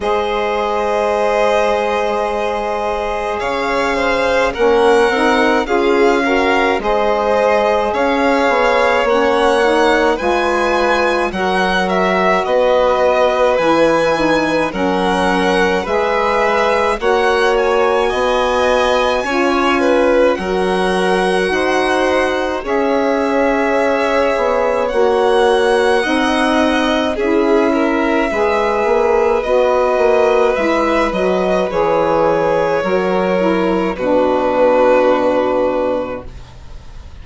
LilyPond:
<<
  \new Staff \with { instrumentName = "violin" } { \time 4/4 \tempo 4 = 53 dis''2. f''4 | fis''4 f''4 dis''4 f''4 | fis''4 gis''4 fis''8 e''8 dis''4 | gis''4 fis''4 e''4 fis''8 gis''8~ |
gis''2 fis''2 | e''2 fis''2 | e''2 dis''4 e''8 dis''8 | cis''2 b'2 | }
  \new Staff \with { instrumentName = "violin" } { \time 4/4 c''2. cis''8 c''8 | ais'4 gis'8 ais'8 c''4 cis''4~ | cis''4 b'4 ais'4 b'4~ | b'4 ais'4 b'4 cis''4 |
dis''4 cis''8 b'8 ais'4 c''4 | cis''2. dis''4 | gis'8 ais'8 b'2.~ | b'4 ais'4 fis'2 | }
  \new Staff \with { instrumentName = "saxophone" } { \time 4/4 gis'1 | cis'8 dis'8 f'8 fis'8 gis'2 | cis'8 dis'8 f'4 fis'2 | e'8 dis'8 cis'4 gis'4 fis'4~ |
fis'4 f'4 fis'2 | gis'2 fis'4 dis'4 | e'4 gis'4 fis'4 e'8 fis'8 | gis'4 fis'8 e'8 d'2 | }
  \new Staff \with { instrumentName = "bassoon" } { \time 4/4 gis2. cis4 | ais8 c'8 cis'4 gis4 cis'8 b8 | ais4 gis4 fis4 b4 | e4 fis4 gis4 ais4 |
b4 cis'4 fis4 dis'4 | cis'4. b8 ais4 c'4 | cis'4 gis8 ais8 b8 ais8 gis8 fis8 | e4 fis4 b,2 | }
>>